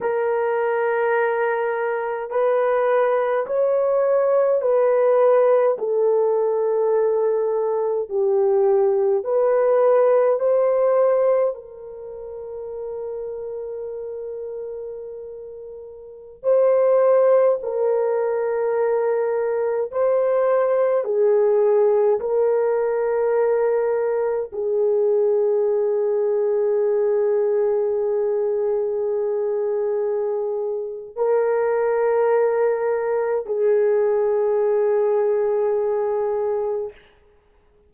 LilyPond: \new Staff \with { instrumentName = "horn" } { \time 4/4 \tempo 4 = 52 ais'2 b'4 cis''4 | b'4 a'2 g'4 | b'4 c''4 ais'2~ | ais'2~ ais'16 c''4 ais'8.~ |
ais'4~ ais'16 c''4 gis'4 ais'8.~ | ais'4~ ais'16 gis'2~ gis'8.~ | gis'2. ais'4~ | ais'4 gis'2. | }